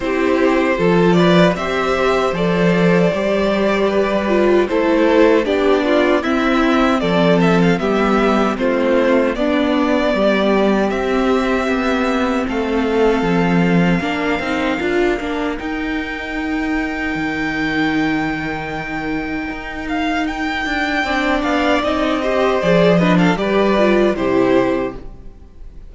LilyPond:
<<
  \new Staff \with { instrumentName = "violin" } { \time 4/4 \tempo 4 = 77 c''4. d''8 e''4 d''4~ | d''2 c''4 d''4 | e''4 d''8 e''16 f''16 e''4 c''4 | d''2 e''2 |
f''1 | g''1~ | g''4. f''8 g''4. f''8 | dis''4 d''8 dis''16 f''16 d''4 c''4 | }
  \new Staff \with { instrumentName = "violin" } { \time 4/4 g'4 a'8 b'8 c''2~ | c''4 b'4 a'4 g'8 f'8 | e'4 a'4 g'4 f'4 | d'4 g'2. |
a'2 ais'2~ | ais'1~ | ais'2. d''4~ | d''8 c''4 b'16 a'16 b'4 g'4 | }
  \new Staff \with { instrumentName = "viola" } { \time 4/4 e'4 f'4 g'4 a'4 | g'4. f'8 e'4 d'4 | c'2 b4 c'4 | b2 c'2~ |
c'2 d'8 dis'8 f'8 d'8 | dis'1~ | dis'2. d'4 | dis'8 g'8 gis'8 d'8 g'8 f'8 e'4 | }
  \new Staff \with { instrumentName = "cello" } { \time 4/4 c'4 f4 c'4 f4 | g2 a4 b4 | c'4 f4 g4 a4 | b4 g4 c'4 b4 |
a4 f4 ais8 c'8 d'8 ais8 | dis'2 dis2~ | dis4 dis'4. d'8 c'8 b8 | c'4 f4 g4 c4 | }
>>